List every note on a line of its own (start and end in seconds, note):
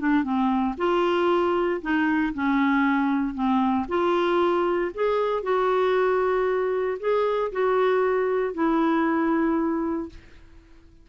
0.00 0.24 D4
0.24 0.75 C4
0.78 1.81 F4
1.82 2.33 D#4
2.34 3.35 C#4
3.35 3.86 C4
3.89 4.92 F4
4.95 5.43 G#4
5.43 6.98 F#4
7.00 7.52 G#4
7.52 8.54 F#4
8.54 10.10 E4